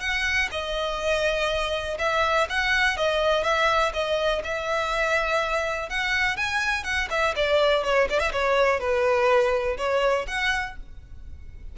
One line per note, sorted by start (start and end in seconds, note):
0.00 0.49 F#5
0.51 1.98 D#5
1.98 2.47 E5
2.49 2.97 F#5
2.97 3.43 D#5
3.43 3.92 E5
3.93 4.42 D#5
4.44 5.89 E5
5.89 6.36 F#5
6.36 6.84 G#5
6.84 7.08 F#5
7.10 7.34 E5
7.35 7.83 D5
7.83 8.08 C#5
8.09 8.19 D5
8.19 8.31 E5
8.32 8.79 C#5
8.79 9.77 B4
9.77 10.26 C#5
10.27 10.76 F#5